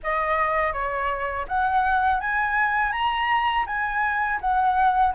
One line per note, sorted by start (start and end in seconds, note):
0.03 0.72 D#5
0.72 1.45 C#5
1.48 2.20 F#5
2.20 2.92 G#5
2.92 3.65 A#5
3.66 4.39 G#5
4.41 5.14 F#5